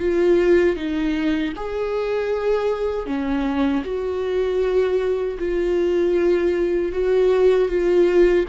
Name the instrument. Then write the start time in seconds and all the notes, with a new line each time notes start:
viola
0.00 F4
0.76 D#4
1.56 G#4
3.06 C#4
3.84 F#4
5.38 F4
6.92 F#4
7.69 F4